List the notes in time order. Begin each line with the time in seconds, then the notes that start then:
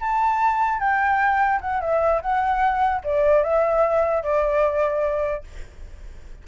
0.00 A5
0.79 G5
1.61 F#5
1.80 E5
2.21 F#5
3.03 D5
3.43 E5
4.22 D5